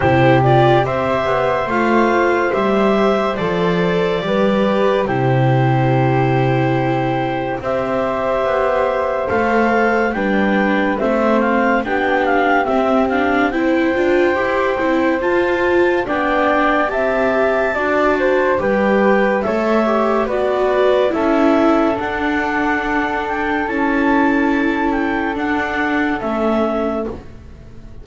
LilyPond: <<
  \new Staff \with { instrumentName = "clarinet" } { \time 4/4 \tempo 4 = 71 c''8 d''8 e''4 f''4 e''4 | d''2 c''2~ | c''4 e''2 f''4 | g''4 e''8 f''8 g''8 f''8 e''8 f''8 |
g''2 a''4 g''4 | a''2 g''4 e''4 | d''4 e''4 fis''4. g''8 | a''4. g''8 fis''4 e''4 | }
  \new Staff \with { instrumentName = "flute" } { \time 4/4 g'4 c''2.~ | c''4 b'4 g'2~ | g'4 c''2. | b'4 c''4 g'2 |
c''2. d''4 | e''4 d''8 c''8 b'4 cis''4 | b'4 a'2.~ | a'1 | }
  \new Staff \with { instrumentName = "viola" } { \time 4/4 e'8 f'8 g'4 f'4 g'4 | a'4 g'4 e'2~ | e'4 g'2 a'4 | d'4 c'4 d'4 c'8 d'8 |
e'8 f'8 g'8 e'8 f'4 d'4 | g'4 fis'4 g'4 a'8 g'8 | fis'4 e'4 d'2 | e'2 d'4 cis'4 | }
  \new Staff \with { instrumentName = "double bass" } { \time 4/4 c4 c'8 b8 a4 g4 | f4 g4 c2~ | c4 c'4 b4 a4 | g4 a4 b4 c'4~ |
c'8 d'8 e'8 c'8 f'4 b4 | c'4 d'4 g4 a4 | b4 cis'4 d'2 | cis'2 d'4 a4 | }
>>